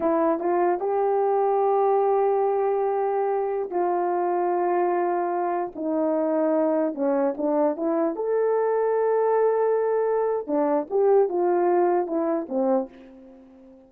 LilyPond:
\new Staff \with { instrumentName = "horn" } { \time 4/4 \tempo 4 = 149 e'4 f'4 g'2~ | g'1~ | g'4~ g'16 f'2~ f'8.~ | f'2~ f'16 dis'4.~ dis'16~ |
dis'4~ dis'16 cis'4 d'4 e'8.~ | e'16 a'2.~ a'8.~ | a'2 d'4 g'4 | f'2 e'4 c'4 | }